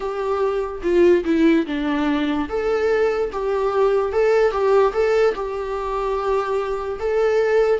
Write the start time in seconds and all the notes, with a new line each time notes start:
0.00 G4
0.82 F4
1.24 E4
1.66 D4
2.48 A4
3.32 G4
4.12 A4
4.51 G4
4.93 A4
5.34 G4
6.99 A4